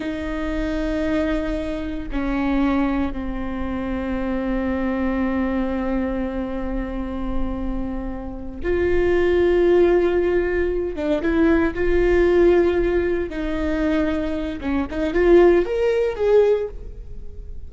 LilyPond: \new Staff \with { instrumentName = "viola" } { \time 4/4 \tempo 4 = 115 dis'1 | cis'2 c'2~ | c'1~ | c'1~ |
c'8 f'2.~ f'8~ | f'4 d'8 e'4 f'4.~ | f'4. dis'2~ dis'8 | cis'8 dis'8 f'4 ais'4 gis'4 | }